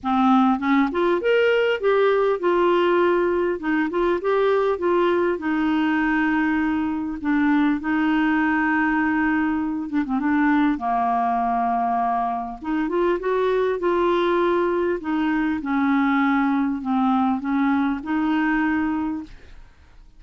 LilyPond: \new Staff \with { instrumentName = "clarinet" } { \time 4/4 \tempo 4 = 100 c'4 cis'8 f'8 ais'4 g'4 | f'2 dis'8 f'8 g'4 | f'4 dis'2. | d'4 dis'2.~ |
dis'8 d'16 c'16 d'4 ais2~ | ais4 dis'8 f'8 fis'4 f'4~ | f'4 dis'4 cis'2 | c'4 cis'4 dis'2 | }